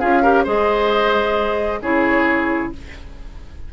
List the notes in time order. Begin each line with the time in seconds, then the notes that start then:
0.00 C#4 F4 G#4 F5
0.23 G4 A#4
0.44 G#3 G#4 C5 D#5
1.82 C#3 E4 G#4 C#5